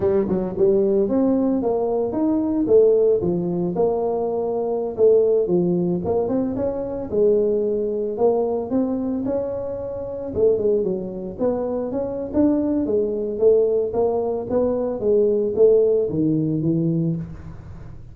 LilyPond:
\new Staff \with { instrumentName = "tuba" } { \time 4/4 \tempo 4 = 112 g8 fis8 g4 c'4 ais4 | dis'4 a4 f4 ais4~ | ais4~ ais16 a4 f4 ais8 c'16~ | c'16 cis'4 gis2 ais8.~ |
ais16 c'4 cis'2 a8 gis16~ | gis16 fis4 b4 cis'8. d'4 | gis4 a4 ais4 b4 | gis4 a4 dis4 e4 | }